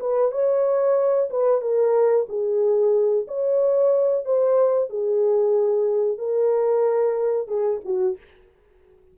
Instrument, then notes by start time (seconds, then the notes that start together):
horn
0.00 B4
0.31 C#5
1.30 B4
1.61 A#4
2.29 G#4
3.28 C#5
4.25 C5
4.89 G#4
6.18 A#4
7.47 G#4
7.85 F#4